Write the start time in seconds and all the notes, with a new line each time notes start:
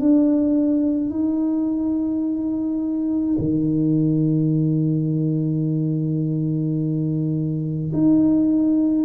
0.00 D4
1.10 D#4
3.39 D#3
7.93 D#4